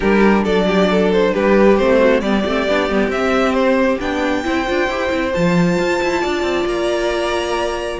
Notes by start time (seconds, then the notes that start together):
0.00 G3 D4 G4 A#4
0.43 F#3 A4 D5
0.67 G4
0.90 A4
1.12 C5
1.33 G3 G4 B4
1.77 A3 C4 C5
1.99 F#4
2.20 G3 B3 G4 D5
2.45 A3 C4
2.68 B3 D4
2.89 G3 B3
3.07 C4 E5
3.53 C5
4.00 B3 D4 G5
4.43 C4 E4 C5
4.66 D4 F4
4.88 E4 G4
5.08 C4 E4
5.33 F3 F4 A5
5.79 F4
6.02 E4
6.21 D4 D5
6.42 C4
6.65 A#3 A#5